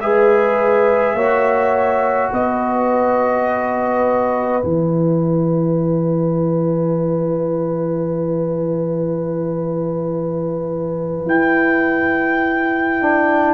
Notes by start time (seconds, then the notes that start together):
0.00 G#3 G#4 B4 E5
1.14 A#3 F#4 C#5
2.32 B3 B4 D#5
4.62 E3 E4 G#5
11.26 E4 G5
13.01 D4